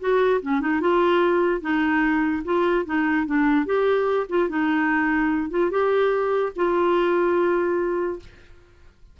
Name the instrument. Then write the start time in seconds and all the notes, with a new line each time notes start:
clarinet
0.00 F#4
0.42 C#4
0.61 D#4
0.81 F4
1.62 D#4
2.45 F4
2.86 D#4
3.27 D4
3.66 G4
4.29 F4
4.49 D#4
5.51 F4
5.71 G4
6.56 F4